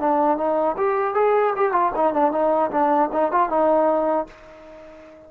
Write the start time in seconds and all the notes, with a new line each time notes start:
0.00 D4
0.37 D#4
0.77 G4
1.14 G#4
1.56 G4
1.72 F4
1.96 D#4
2.13 D4
2.32 D#4
2.71 D4
3.12 D#4
3.32 F4
3.49 D#4